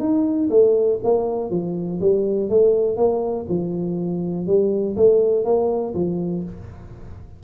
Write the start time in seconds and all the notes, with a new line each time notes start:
0.00 D#4
0.50 A3
1.04 A#3
1.50 F3
2.01 G3
2.49 A3
2.97 A#3
3.49 F3
4.47 G3
4.96 A3
5.45 A#3
5.94 F3